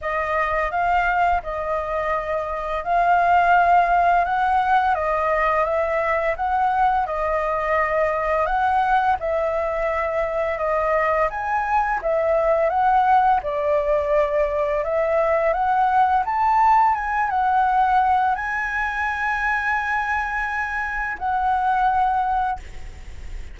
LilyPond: \new Staff \with { instrumentName = "flute" } { \time 4/4 \tempo 4 = 85 dis''4 f''4 dis''2 | f''2 fis''4 dis''4 | e''4 fis''4 dis''2 | fis''4 e''2 dis''4 |
gis''4 e''4 fis''4 d''4~ | d''4 e''4 fis''4 a''4 | gis''8 fis''4. gis''2~ | gis''2 fis''2 | }